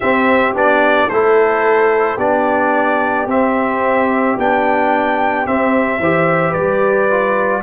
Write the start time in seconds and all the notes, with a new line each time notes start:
0.00 C4 G4 E5
0.54 B3 D4 D5
1.07 A3 E4 A4 C5
2.16 B3 D4 G4 D5
3.26 C4 E5
4.37 B3 D4 G5
5.46 C4 E5
5.99 E3 G4 C5
6.50 G3 B4 D5
7.10 F4